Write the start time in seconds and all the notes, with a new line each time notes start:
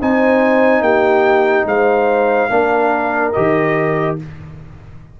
0.00 C4 D#4 C5 G#5
0.81 A#3 G4 G5
1.65 G#3 C5 F5
2.49 A#3 D4 A#4
3.33 D#3 G4 D#5